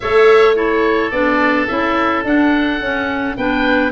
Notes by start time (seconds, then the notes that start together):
0.00 A3 A4 C#5 E5
0.55 E4 A4 C#5
1.10 B3 D4 D5
1.67 C#4 E4 E5
2.23 D4 F#5
2.80 C#4
3.36 B3 D4 B4 G5